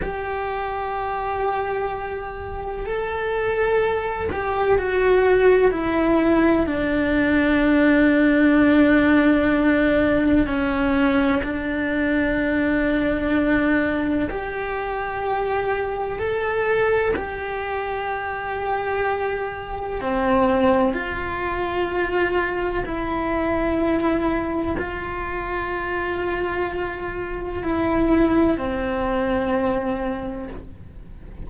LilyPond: \new Staff \with { instrumentName = "cello" } { \time 4/4 \tempo 4 = 63 g'2. a'4~ | a'8 g'8 fis'4 e'4 d'4~ | d'2. cis'4 | d'2. g'4~ |
g'4 a'4 g'2~ | g'4 c'4 f'2 | e'2 f'2~ | f'4 e'4 c'2 | }